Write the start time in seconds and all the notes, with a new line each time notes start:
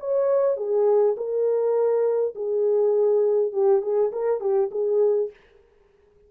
0.00 C#5
0.57 G#4
1.17 A#4
2.36 G#4
3.53 G4
3.82 G#4
4.12 A#4
4.41 G4
4.72 G#4